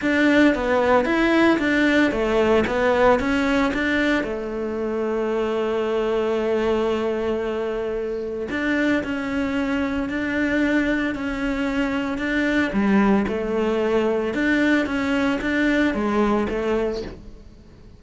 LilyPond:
\new Staff \with { instrumentName = "cello" } { \time 4/4 \tempo 4 = 113 d'4 b4 e'4 d'4 | a4 b4 cis'4 d'4 | a1~ | a1 |
d'4 cis'2 d'4~ | d'4 cis'2 d'4 | g4 a2 d'4 | cis'4 d'4 gis4 a4 | }